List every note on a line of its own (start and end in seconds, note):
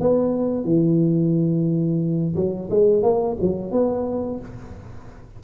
0.00 0.64 B3
0.64 2.35 E3
2.35 2.69 F#3
2.70 3.02 G#3
3.02 3.36 A#3
3.41 3.71 F#3
3.71 4.39 B3